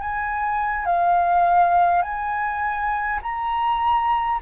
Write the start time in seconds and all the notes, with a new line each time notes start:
0.00 G#5
0.85 F5
2.02 G#5
3.22 A#5